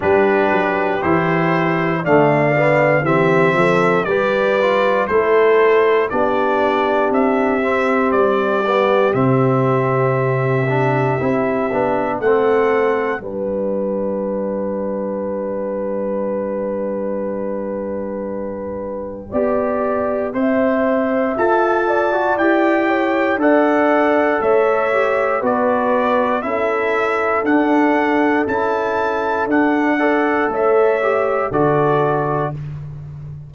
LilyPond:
<<
  \new Staff \with { instrumentName = "trumpet" } { \time 4/4 \tempo 4 = 59 b'4 c''4 f''4 e''4 | d''4 c''4 d''4 e''4 | d''4 e''2. | fis''4 g''2.~ |
g''1~ | g''4 a''4 g''4 fis''4 | e''4 d''4 e''4 fis''4 | a''4 fis''4 e''4 d''4 | }
  \new Staff \with { instrumentName = "horn" } { \time 4/4 g'2 d''4 g'8 a'8 | b'4 a'4 g'2~ | g'1 | a'4 b'2.~ |
b'2. d''4 | e''4. d''4 cis''8 d''4 | cis''4 b'4 a'2~ | a'4. d''8 cis''4 a'4 | }
  \new Staff \with { instrumentName = "trombone" } { \time 4/4 d'4 e'4 a8 b8 c'4 | g'8 f'8 e'4 d'4. c'8~ | c'8 b8 c'4. d'8 e'8 d'8 | c'4 d'2.~ |
d'2. g'4 | c''4 a'8. fis'16 g'4 a'4~ | a'8 g'8 fis'4 e'4 d'4 | e'4 d'8 a'4 g'8 fis'4 | }
  \new Staff \with { instrumentName = "tuba" } { \time 4/4 g8 fis8 e4 d4 e8 f8 | g4 a4 b4 c'4 | g4 c2 c'8 b8 | a4 g2.~ |
g2. b4 | c'4 f'4 e'4 d'4 | a4 b4 cis'4 d'4 | cis'4 d'4 a4 d4 | }
>>